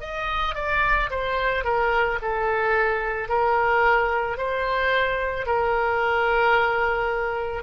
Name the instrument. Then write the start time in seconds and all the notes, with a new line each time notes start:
oboe
0.00 D#5
0.55 D5
1.10 C5
1.64 A#4
2.22 A4
3.28 A#4
4.37 C5
5.46 A#4